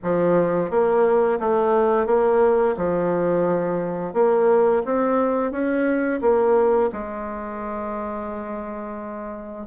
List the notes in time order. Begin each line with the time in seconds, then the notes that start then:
0.03 F3
0.70 A#3
1.39 A3
2.06 A#3
2.76 F3
4.13 A#3
4.85 C4
5.51 C#4
6.21 A#3
6.92 G#3